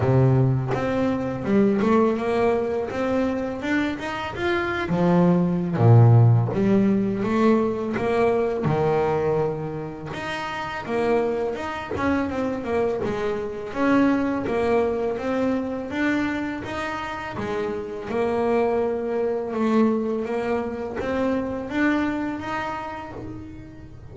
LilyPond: \new Staff \with { instrumentName = "double bass" } { \time 4/4 \tempo 4 = 83 c4 c'4 g8 a8 ais4 | c'4 d'8 dis'8 f'8. f4~ f16 | ais,4 g4 a4 ais4 | dis2 dis'4 ais4 |
dis'8 cis'8 c'8 ais8 gis4 cis'4 | ais4 c'4 d'4 dis'4 | gis4 ais2 a4 | ais4 c'4 d'4 dis'4 | }